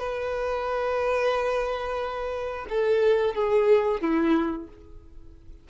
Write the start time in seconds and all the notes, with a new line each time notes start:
0.00 B4
2.69 A4
3.35 G#4
4.02 E4